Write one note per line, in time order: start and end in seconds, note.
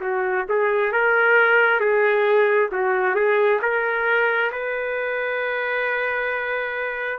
0.00 0.45 F#4
0.49 0.92 G#4
0.92 1.80 A#4
1.80 2.69 G#4
2.72 3.15 F#4
3.15 3.60 G#4
3.62 4.51 A#4
4.52 7.18 B4